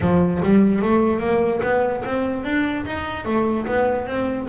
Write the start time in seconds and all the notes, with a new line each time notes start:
0.00 F3
0.42 G3
0.82 A3
1.19 A#3
1.62 B3
2.04 C4
2.44 D4
2.85 D#4
3.25 A3
3.66 B3
4.07 C4